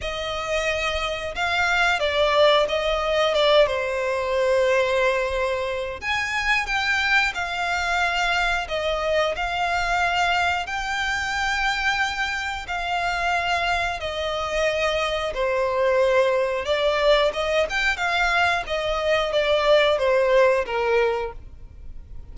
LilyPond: \new Staff \with { instrumentName = "violin" } { \time 4/4 \tempo 4 = 90 dis''2 f''4 d''4 | dis''4 d''8 c''2~ c''8~ | c''4 gis''4 g''4 f''4~ | f''4 dis''4 f''2 |
g''2. f''4~ | f''4 dis''2 c''4~ | c''4 d''4 dis''8 g''8 f''4 | dis''4 d''4 c''4 ais'4 | }